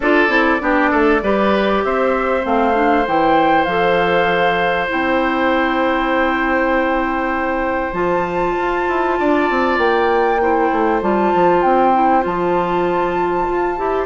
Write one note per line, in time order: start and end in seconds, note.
0.00 0.28 D4
0.00 0.29 F4
0.00 0.61 A4
0.00 1.83 D5
0.28 0.59 C4
0.28 0.59 E4
0.60 0.92 B3
0.60 1.21 D4
0.60 0.90 G4
0.90 1.22 A3
0.90 1.21 A4
1.22 1.83 G3
1.22 2.42 G4
1.22 1.84 B4
1.83 2.45 C4
1.83 9.19 C5
1.83 2.45 E5
2.42 3.06 A3
2.42 2.72 C4
2.42 3.07 F5
2.73 3.04 D4
3.06 3.66 E3
3.06 3.68 E4
3.06 3.64 G5
3.64 4.88 F3
3.64 4.88 A4
3.64 4.86 F5
4.88 7.92 C4
4.88 7.93 E4
4.88 7.93 G5
7.92 8.53 F3
7.92 10.38 F4
7.92 9.77 A5
8.58 8.88 F4
8.88 9.19 E4
9.19 9.49 D4
9.19 10.41 D5
9.49 9.77 C4
9.77 10.69 A#3
9.77 11.00 G5
10.41 11.01 E4
10.41 14.06 C5
10.72 11.02 A3
11.01 11.32 G3
11.01 11.93 F4
11.01 11.62 A5
11.34 11.63 F3
11.62 12.25 C4
11.62 12.23 G5
11.93 12.21 E4
12.21 13.47 F3
12.21 13.74 F4
12.21 14.06 A5
13.48 13.78 F4
13.76 14.06 E4
13.76 14.06 G4